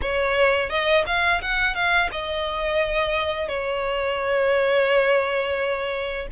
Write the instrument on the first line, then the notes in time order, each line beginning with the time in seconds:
violin
0.01 C#5
0.69 D#5
1.06 F5
1.41 F#5
1.74 F5
2.11 D#5
3.48 C#5